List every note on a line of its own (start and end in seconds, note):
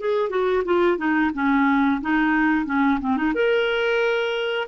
0.00 0.30 G#4
0.30 0.63 F#4
0.65 0.98 F4
0.98 1.31 D#4
1.35 2.01 C#4
2.02 2.66 D#4
2.66 2.99 C#4
3.01 3.17 C4
3.17 3.34 D#4
3.35 4.68 A#4